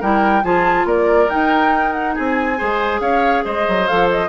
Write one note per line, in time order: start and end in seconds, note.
0.00 0.43 G3
0.00 0.43 E4
0.00 0.43 A#4
0.00 0.44 G5
0.43 0.85 F3
0.43 1.29 F4
0.43 0.87 G#4
0.43 0.87 A5
0.85 1.27 A#3
0.85 2.15 A#4
0.85 1.29 D5
1.29 2.57 D#4
1.29 2.18 D#4
1.29 1.92 G5
1.92 2.14 F#5
2.15 2.61 C4
2.15 2.58 G#4
2.15 3.00 G#5
2.57 3.00 G#3
2.57 3.86 G#4
2.57 3.00 C5
3.00 3.43 C#4
3.00 3.44 C#5
3.00 3.43 F5
3.44 3.67 G#3
3.44 4.28 C5
3.44 3.87 D#5
3.68 3.89 F#3
3.87 4.28 F3
3.87 4.28 A4
3.87 4.08 F5
4.11 4.28 D#5